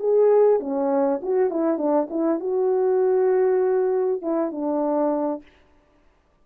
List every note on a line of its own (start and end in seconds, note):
0.00 0.60 G#4
0.60 1.21 C#4
1.23 1.51 F#4
1.51 1.78 E4
1.78 2.08 D4
2.10 2.40 E4
2.40 4.22 F#4
4.22 4.52 E4
4.52 5.43 D4